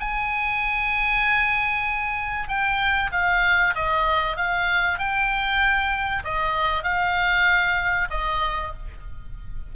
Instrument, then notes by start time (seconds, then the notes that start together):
oboe
0.00 G#5
2.48 G5
3.12 F5
3.75 D#5
4.37 F5
4.99 G5
6.24 D#5
6.84 F5
8.11 D#5